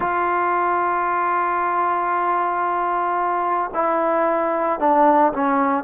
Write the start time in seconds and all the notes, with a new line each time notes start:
0.00 F4
3.74 E4
4.79 D4
5.32 C#4